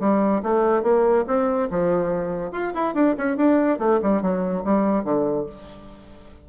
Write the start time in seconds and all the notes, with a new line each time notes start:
0.00 G3
0.43 A3
0.83 A#3
1.27 C4
1.71 F3
2.52 F4
2.74 E4
2.94 D4
3.17 C#4
3.37 D4
3.79 A3
4.02 G3
4.22 F#3
4.64 G3
5.04 D3